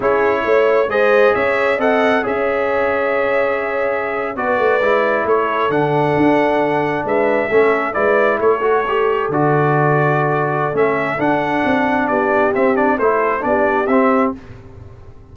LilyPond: <<
  \new Staff \with { instrumentName = "trumpet" } { \time 4/4 \tempo 4 = 134 cis''2 dis''4 e''4 | fis''4 e''2.~ | e''4.~ e''16 d''2 cis''16~ | cis''8. fis''2. e''16~ |
e''4.~ e''16 d''4 cis''4~ cis''16~ | cis''8. d''2.~ d''16 | e''4 fis''2 d''4 | e''8 d''8 c''4 d''4 e''4 | }
  \new Staff \with { instrumentName = "horn" } { \time 4/4 gis'4 cis''4 c''4 cis''4 | dis''4 cis''2.~ | cis''4.~ cis''16 b'2 a'16~ | a'2.~ a'8. b'16~ |
b'8. a'4 b'4 a'4~ a'16~ | a'1~ | a'2. g'4~ | g'4 a'4 g'2 | }
  \new Staff \with { instrumentName = "trombone" } { \time 4/4 e'2 gis'2 | a'4 gis'2.~ | gis'4.~ gis'16 fis'4 e'4~ e'16~ | e'8. d'2.~ d'16~ |
d'8. cis'4 e'4. fis'8 g'16~ | g'8. fis'2.~ fis'16 | cis'4 d'2. | c'8 d'8 e'4 d'4 c'4 | }
  \new Staff \with { instrumentName = "tuba" } { \time 4/4 cis'4 a4 gis4 cis'4 | c'4 cis'2.~ | cis'4.~ cis'16 b8 a8 gis4 a16~ | a8. d4 d'2 gis16~ |
gis8. a4 gis4 a4~ a16~ | a8. d2.~ d16 | a4 d'4 c'4 b4 | c'4 a4 b4 c'4 | }
>>